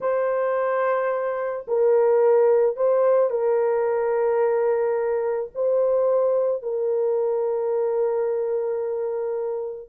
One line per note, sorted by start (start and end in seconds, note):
0.01 1.66 C5
1.67 2.76 A#4
2.76 3.30 C5
3.30 5.50 A#4
5.54 6.62 C5
6.62 9.89 A#4